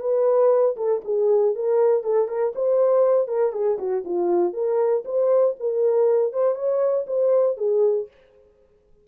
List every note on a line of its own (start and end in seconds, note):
0.00 0.76 B4
0.76 1.02 A4
1.05 1.55 G#4
1.55 2.03 A#4
2.03 2.28 A4
2.28 2.53 A#4
2.55 3.28 C5
3.28 3.52 A#4
3.52 3.77 G#4
3.78 4.04 F#4
4.05 4.53 F4
4.53 5.04 A#4
5.05 5.55 C5
5.59 6.33 A#4
6.33 6.55 C5
6.55 7.06 C#5
7.07 7.57 C5
7.57 8.08 G#4